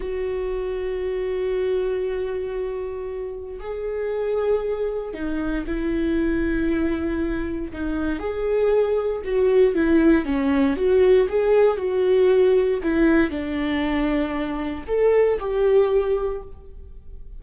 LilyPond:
\new Staff \with { instrumentName = "viola" } { \time 4/4 \tempo 4 = 117 fis'1~ | fis'2. gis'4~ | gis'2 dis'4 e'4~ | e'2. dis'4 |
gis'2 fis'4 e'4 | cis'4 fis'4 gis'4 fis'4~ | fis'4 e'4 d'2~ | d'4 a'4 g'2 | }